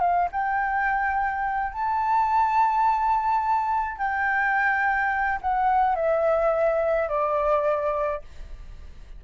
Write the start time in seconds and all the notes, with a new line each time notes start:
0.00 F5
0.31 G5
1.72 A5
3.98 G5
5.41 F#5
5.95 E5
7.08 D5